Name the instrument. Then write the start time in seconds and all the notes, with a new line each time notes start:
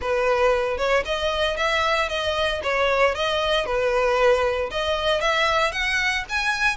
violin
0.01 B4
0.77 C#5
1.05 D#5
1.57 E5
2.08 D#5
2.63 C#5
3.14 D#5
3.65 B4
4.70 D#5
5.20 E5
5.72 F#5
6.29 G#5